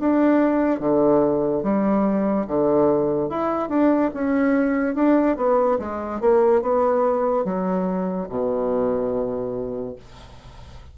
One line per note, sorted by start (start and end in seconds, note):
0.00 0.80 D4
0.80 1.63 D3
1.63 2.46 G3
2.47 3.30 D3
3.30 3.69 E4
3.69 4.11 D4
4.14 4.95 C#4
4.95 5.37 D4
5.37 5.78 B3
5.79 6.21 G#3
6.21 6.62 A#3
6.62 7.45 B3
7.45 8.28 F#3
8.29 9.96 B2